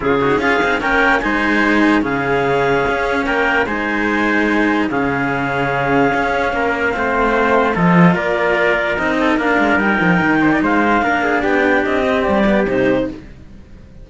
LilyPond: <<
  \new Staff \with { instrumentName = "clarinet" } { \time 4/4 \tempo 4 = 147 gis'4 f''4 g''4 gis''4~ | gis''4 f''2. | g''4 gis''2. | f''1~ |
f''2. dis''4 | d''2 dis''4 f''4 | g''2 f''2 | g''4 dis''4 d''4 c''4 | }
  \new Staff \with { instrumentName = "trumpet" } { \time 4/4 f'8 fis'8 gis'4 ais'4 c''4~ | c''4 gis'2. | ais'4 c''2. | gis'1 |
ais'4 c''2 a'4 | ais'2~ ais'8 a'8 ais'4~ | ais'4. c''16 d''16 c''4 ais'8 gis'8 | g'1 | }
  \new Staff \with { instrumentName = "cello" } { \time 4/4 cis'8 dis'8 f'8 dis'8 cis'4 dis'4~ | dis'4 cis'2.~ | cis'4 dis'2. | cis'1~ |
cis'4 c'2 f'4~ | f'2 dis'4 d'4 | dis'2. d'4~ | d'4. c'4 b8 dis'4 | }
  \new Staff \with { instrumentName = "cello" } { \time 4/4 cis4 cis'8 c'8 ais4 gis4~ | gis4 cis2 cis'4 | ais4 gis2. | cis2. cis'4 |
ais4 a2 f4 | ais2 c'4 ais8 gis8 | g8 f8 dis4 gis4 ais4 | b4 c'4 g4 c4 | }
>>